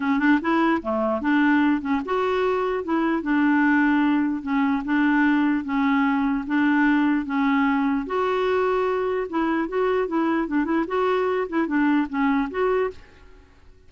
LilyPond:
\new Staff \with { instrumentName = "clarinet" } { \time 4/4 \tempo 4 = 149 cis'8 d'8 e'4 a4 d'4~ | d'8 cis'8 fis'2 e'4 | d'2. cis'4 | d'2 cis'2 |
d'2 cis'2 | fis'2. e'4 | fis'4 e'4 d'8 e'8 fis'4~ | fis'8 e'8 d'4 cis'4 fis'4 | }